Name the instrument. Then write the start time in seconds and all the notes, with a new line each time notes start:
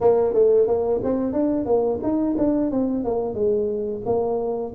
tuba
0.00 A#3
0.33 A3
0.67 A#3
1.03 C4
1.33 D4
1.65 A#3
2.02 D#4
2.37 D4
2.71 C4
3.04 A#3
3.34 G#3
4.05 A#3